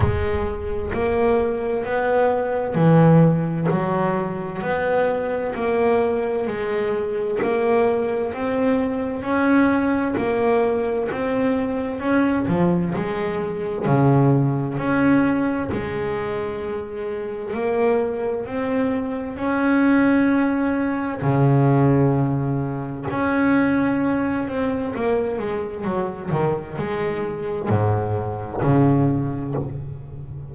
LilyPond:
\new Staff \with { instrumentName = "double bass" } { \time 4/4 \tempo 4 = 65 gis4 ais4 b4 e4 | fis4 b4 ais4 gis4 | ais4 c'4 cis'4 ais4 | c'4 cis'8 f8 gis4 cis4 |
cis'4 gis2 ais4 | c'4 cis'2 cis4~ | cis4 cis'4. c'8 ais8 gis8 | fis8 dis8 gis4 gis,4 cis4 | }